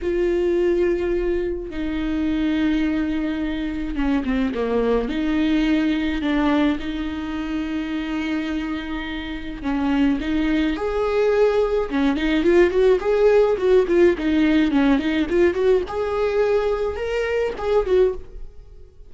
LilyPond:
\new Staff \with { instrumentName = "viola" } { \time 4/4 \tempo 4 = 106 f'2. dis'4~ | dis'2. cis'8 c'8 | ais4 dis'2 d'4 | dis'1~ |
dis'4 cis'4 dis'4 gis'4~ | gis'4 cis'8 dis'8 f'8 fis'8 gis'4 | fis'8 f'8 dis'4 cis'8 dis'8 f'8 fis'8 | gis'2 ais'4 gis'8 fis'8 | }